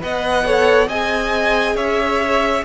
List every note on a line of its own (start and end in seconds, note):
0.00 0.87 B3
0.00 0.44 B4
0.00 0.46 D#5
0.00 0.89 F#5
0.45 0.89 A4
0.45 0.88 C#5
0.87 1.75 C4
0.87 2.65 G#4
0.87 1.76 D#5
0.87 1.76 G#5
1.75 2.64 C#4
1.75 2.64 C#5
1.75 2.64 E5